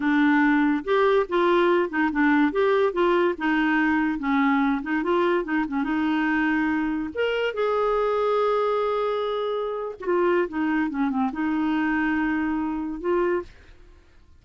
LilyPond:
\new Staff \with { instrumentName = "clarinet" } { \time 4/4 \tempo 4 = 143 d'2 g'4 f'4~ | f'8 dis'8 d'4 g'4 f'4 | dis'2 cis'4. dis'8 | f'4 dis'8 cis'8 dis'2~ |
dis'4 ais'4 gis'2~ | gis'2.~ gis'8. fis'16 | f'4 dis'4 cis'8 c'8 dis'4~ | dis'2. f'4 | }